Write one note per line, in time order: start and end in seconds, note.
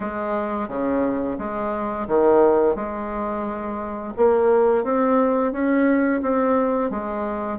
0.00 0.68 G#3
0.68 1.37 C#3
1.38 2.07 G#3
2.07 2.75 D#3
2.75 4.13 G#3
4.16 4.83 A#3
4.83 5.52 C4
5.52 6.21 C#4
6.22 6.90 C4
6.90 7.58 G#3